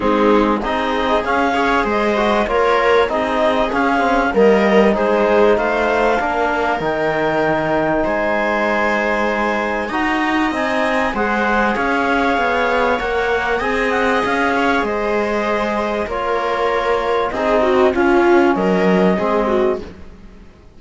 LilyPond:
<<
  \new Staff \with { instrumentName = "clarinet" } { \time 4/4 \tempo 4 = 97 gis'4 dis''4 f''4 dis''4 | cis''4 dis''4 f''4 dis''4 | c''4 f''2 g''4~ | g''4 gis''2. |
ais''4 gis''4 fis''4 f''4~ | f''4 fis''4 gis''8 fis''8 f''4 | dis''2 cis''2 | dis''4 f''4 dis''2 | }
  \new Staff \with { instrumentName = "viola" } { \time 4/4 dis'4 gis'4. cis''8 c''4 | ais'4 gis'2 ais'4 | gis'4 c''4 ais'2~ | ais'4 c''2. |
dis''2 c''4 cis''4~ | cis''2 dis''4. cis''8 | c''2 ais'2 | gis'8 fis'8 f'4 ais'4 gis'8 fis'8 | }
  \new Staff \with { instrumentName = "trombone" } { \time 4/4 c'4 dis'4 cis'8 gis'4 fis'8 | f'4 dis'4 cis'8 c'8 ais4 | dis'2 d'4 dis'4~ | dis'1 |
fis'4 dis'4 gis'2~ | gis'4 ais'4 gis'2~ | gis'2 f'2 | dis'4 cis'2 c'4 | }
  \new Staff \with { instrumentName = "cello" } { \time 4/4 gis4 c'4 cis'4 gis4 | ais4 c'4 cis'4 g4 | gis4 a4 ais4 dis4~ | dis4 gis2. |
dis'4 c'4 gis4 cis'4 | b4 ais4 c'4 cis'4 | gis2 ais2 | c'4 cis'4 fis4 gis4 | }
>>